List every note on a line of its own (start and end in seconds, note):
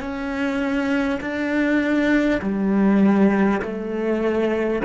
0.00 1.20 C#4
1.21 2.41 D4
2.42 3.62 G3
3.62 4.82 A3